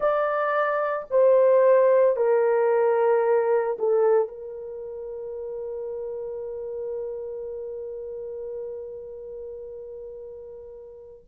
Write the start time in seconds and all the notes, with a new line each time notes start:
0.00 D5
1.10 C5
2.16 A#4
3.78 A4
4.28 A#4